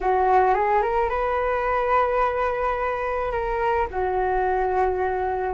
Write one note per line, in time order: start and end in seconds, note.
0.01 0.54 F#4
0.54 0.82 G#4
0.82 1.09 A#4
1.09 3.31 B4
3.31 3.87 A#4
3.90 5.54 F#4